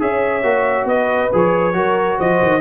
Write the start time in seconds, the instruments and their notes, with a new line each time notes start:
0.00 tuba C#4, trombone G#4, horn C#5, trumpet E5
0.43 tuba A#3, trombone F#4
0.86 tuba B3, horn B4, trumpet D#5
1.33 tuba F3, trombone G#4, trumpet C#5
1.74 tuba F#3, trombone F#4, horn A#4
2.19 tuba F3, horn C5, trumpet D#5
2.42 tuba D#3